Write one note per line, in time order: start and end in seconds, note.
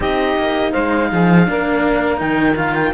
0.00 0.35 C4
0.00 1.45 D#4
0.00 0.72 G4
0.00 0.72 D#5
0.37 0.73 A#3
0.72 1.12 G#3
0.72 1.08 C5
0.72 2.18 F5
1.11 1.48 F3
1.11 1.47 G#4
1.45 2.20 A#3
1.45 2.17 D4
1.45 2.93 A#4
2.17 2.93 D#3
2.17 2.54 D#4
2.17 2.55 G5
2.55 2.92 F4
2.55 2.74 F5
2.74 2.92 G5